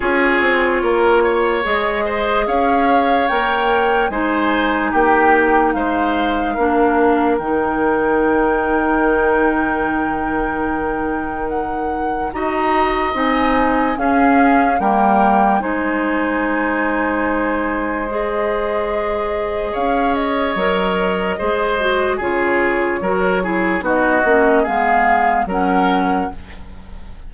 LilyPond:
<<
  \new Staff \with { instrumentName = "flute" } { \time 4/4 \tempo 4 = 73 cis''2 dis''4 f''4 | g''4 gis''4 g''4 f''4~ | f''4 g''2.~ | g''2 fis''4 ais''4 |
gis''4 f''4 g''4 gis''4~ | gis''2 dis''2 | f''8 dis''2~ dis''8 cis''4~ | cis''4 dis''4 f''4 fis''4 | }
  \new Staff \with { instrumentName = "oboe" } { \time 4/4 gis'4 ais'8 cis''4 c''8 cis''4~ | cis''4 c''4 g'4 c''4 | ais'1~ | ais'2. dis''4~ |
dis''4 gis'4 ais'4 c''4~ | c''1 | cis''2 c''4 gis'4 | ais'8 gis'8 fis'4 gis'4 ais'4 | }
  \new Staff \with { instrumentName = "clarinet" } { \time 4/4 f'2 gis'2 | ais'4 dis'2. | d'4 dis'2.~ | dis'2. fis'4 |
dis'4 cis'4 ais4 dis'4~ | dis'2 gis'2~ | gis'4 ais'4 gis'8 fis'8 f'4 | fis'8 e'8 dis'8 cis'8 b4 cis'4 | }
  \new Staff \with { instrumentName = "bassoon" } { \time 4/4 cis'8 c'8 ais4 gis4 cis'4 | ais4 gis4 ais4 gis4 | ais4 dis2.~ | dis2. dis'4 |
c'4 cis'4 g4 gis4~ | gis1 | cis'4 fis4 gis4 cis4 | fis4 b8 ais8 gis4 fis4 | }
>>